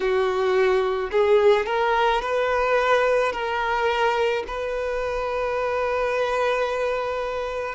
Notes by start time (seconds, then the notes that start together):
0.00 F#4
1.11 G#4
1.66 A#4
2.21 B4
3.32 A#4
4.47 B4